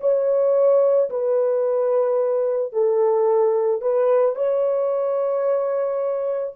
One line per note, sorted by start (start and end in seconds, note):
0.00 1.09 C#5
1.10 2.73 B4
2.73 3.82 A4
3.82 4.35 B4
4.35 6.54 C#5